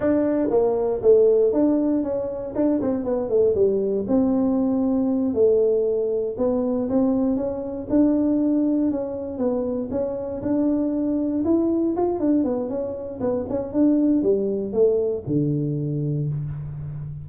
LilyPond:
\new Staff \with { instrumentName = "tuba" } { \time 4/4 \tempo 4 = 118 d'4 ais4 a4 d'4 | cis'4 d'8 c'8 b8 a8 g4 | c'2~ c'8 a4.~ | a8 b4 c'4 cis'4 d'8~ |
d'4. cis'4 b4 cis'8~ | cis'8 d'2 e'4 f'8 | d'8 b8 cis'4 b8 cis'8 d'4 | g4 a4 d2 | }